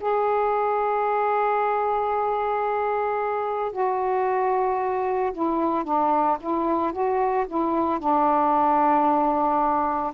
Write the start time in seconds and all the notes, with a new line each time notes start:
0.00 G#4
3.72 F#4
5.33 E4
5.84 D4
6.41 E4
6.93 F#4
7.48 E4
7.99 D4